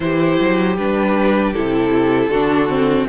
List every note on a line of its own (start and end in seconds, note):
0.00 0.38 E3
0.00 0.77 E4
0.00 2.30 G4
0.00 0.76 C5
0.40 0.77 F#3
0.77 1.54 G3
0.77 1.54 D4
0.77 1.53 B4
1.53 2.27 C3
1.53 2.31 E4
1.53 3.07 A4
2.27 3.04 D3
2.27 2.68 D4
2.27 3.07 F#4
2.68 3.07 C4